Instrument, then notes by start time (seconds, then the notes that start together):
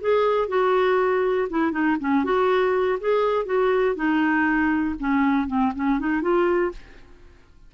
clarinet
0.00 G#4
0.48 F#4
1.50 E4
1.71 D#4
2.00 C#4
2.24 F#4
3.00 G#4
3.45 F#4
3.95 D#4
4.99 C#4
5.47 C4
5.75 C#4
5.99 D#4
6.21 F4